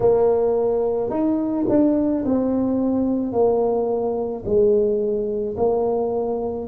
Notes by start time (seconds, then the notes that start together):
0.00 A#3
1.10 D#4
1.68 D4
2.25 C4
3.32 A#3
4.44 G#3
5.57 A#3